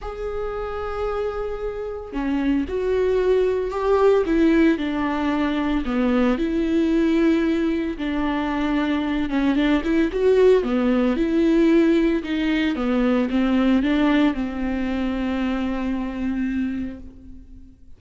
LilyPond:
\new Staff \with { instrumentName = "viola" } { \time 4/4 \tempo 4 = 113 gis'1 | cis'4 fis'2 g'4 | e'4 d'2 b4 | e'2. d'4~ |
d'4. cis'8 d'8 e'8 fis'4 | b4 e'2 dis'4 | b4 c'4 d'4 c'4~ | c'1 | }